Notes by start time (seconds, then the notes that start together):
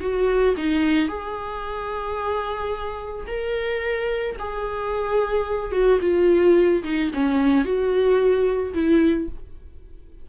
0.00 F#4
0.57 D#4
1.08 G#4
3.27 A#4
4.39 G#4
5.71 F#4
6.01 F4
6.84 D#4
7.14 C#4
7.64 F#4
8.74 E4